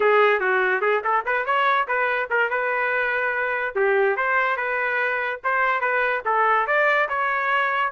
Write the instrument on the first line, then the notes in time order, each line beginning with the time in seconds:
trumpet
0.00 G#4
0.39 F#4
0.81 G#4
1.04 A4
1.25 B4
1.45 C#5
1.87 B4
2.29 A#4
2.50 B4
3.75 G4
4.16 C5
4.56 B4
5.44 C5
5.80 B4
6.25 A4
6.66 D5
7.09 C#5